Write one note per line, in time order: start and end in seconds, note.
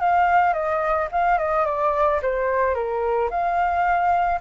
0.00 0.54 F5
0.54 1.09 D#5
1.12 1.38 F5
1.38 1.66 D#5
1.66 2.21 D5
2.22 2.75 C5
2.75 3.30 A#4
3.30 4.40 F5